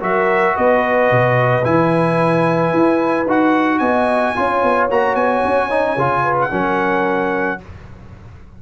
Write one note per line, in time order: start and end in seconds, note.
0.00 0.56 F#3
0.00 1.62 F#4
0.00 0.55 A#4
0.00 0.57 E5
0.55 1.11 B3
0.55 3.79 B4
0.55 1.65 D#5
1.11 1.65 B2
1.64 2.74 E3
1.64 3.26 E4
1.64 3.27 G#5
2.74 3.26 E4
3.26 3.80 D#4
3.26 4.36 F#4
3.26 3.79 F#5
3.79 4.34 B3
3.79 4.34 D#5
3.79 4.87 G#5
4.36 4.63 C#4
4.36 4.90 F4
4.36 6.23 C#5
4.63 4.90 B3
4.90 5.15 A#3
4.90 5.70 F#4
4.90 5.15 A#5
5.15 5.42 B3
5.15 6.37 G#5
5.45 5.97 C#4
5.70 5.97 D#4
5.97 6.51 C#3
5.97 6.50 F4
6.23 6.50 B4
6.40 7.62 F#5
6.50 7.60 F#3
6.50 7.58 C#4
6.50 7.60 A#4